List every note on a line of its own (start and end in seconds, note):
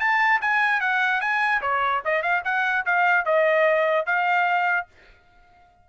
0.00 0.41 A5
0.41 0.80 G#5
0.80 1.21 F#5
1.21 1.61 G#5
1.62 2.02 C#5
2.05 2.22 D#5
2.22 2.43 F5
2.45 2.85 F#5
2.86 3.25 F5
3.25 4.06 D#5
4.06 4.87 F5